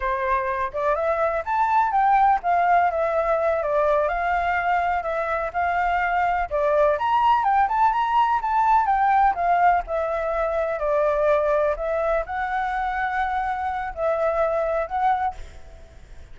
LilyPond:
\new Staff \with { instrumentName = "flute" } { \time 4/4 \tempo 4 = 125 c''4. d''8 e''4 a''4 | g''4 f''4 e''4. d''8~ | d''8 f''2 e''4 f''8~ | f''4. d''4 ais''4 g''8 |
a''8 ais''4 a''4 g''4 f''8~ | f''8 e''2 d''4.~ | d''8 e''4 fis''2~ fis''8~ | fis''4 e''2 fis''4 | }